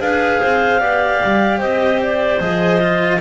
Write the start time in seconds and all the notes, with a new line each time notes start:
0.00 D4 G#4 B4 F5
0.41 C4 C5
0.78 B3 G4 D5
1.23 G3
1.59 C4 C5 D#5
2.02 D5
2.39 F3 G#4 D#5
2.80 F4